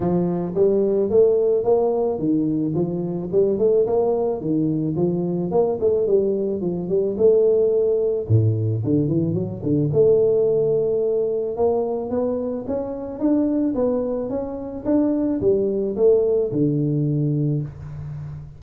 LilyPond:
\new Staff \with { instrumentName = "tuba" } { \time 4/4 \tempo 4 = 109 f4 g4 a4 ais4 | dis4 f4 g8 a8 ais4 | dis4 f4 ais8 a8 g4 | f8 g8 a2 a,4 |
d8 e8 fis8 d8 a2~ | a4 ais4 b4 cis'4 | d'4 b4 cis'4 d'4 | g4 a4 d2 | }